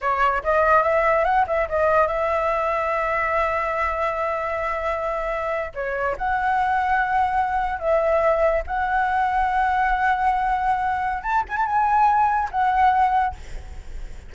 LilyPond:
\new Staff \with { instrumentName = "flute" } { \time 4/4 \tempo 4 = 144 cis''4 dis''4 e''4 fis''8 e''8 | dis''4 e''2.~ | e''1~ | e''4.~ e''16 cis''4 fis''4~ fis''16~ |
fis''2~ fis''8. e''4~ e''16~ | e''8. fis''2.~ fis''16~ | fis''2. a''8 gis''16 a''16 | gis''2 fis''2 | }